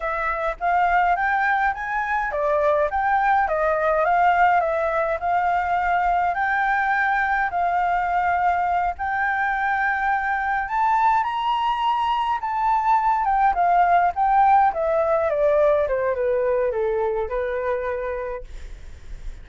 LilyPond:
\new Staff \with { instrumentName = "flute" } { \time 4/4 \tempo 4 = 104 e''4 f''4 g''4 gis''4 | d''4 g''4 dis''4 f''4 | e''4 f''2 g''4~ | g''4 f''2~ f''8 g''8~ |
g''2~ g''8 a''4 ais''8~ | ais''4. a''4. g''8 f''8~ | f''8 g''4 e''4 d''4 c''8 | b'4 a'4 b'2 | }